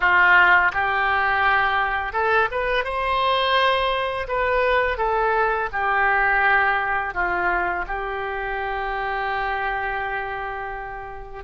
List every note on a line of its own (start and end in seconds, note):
0.00 0.71 F4
0.72 2.12 G4
2.12 2.48 A4
2.51 2.84 B4
2.84 4.27 C5
4.28 4.97 B4
4.97 5.69 A4
5.72 7.14 G4
7.14 7.85 F4
7.87 11.44 G4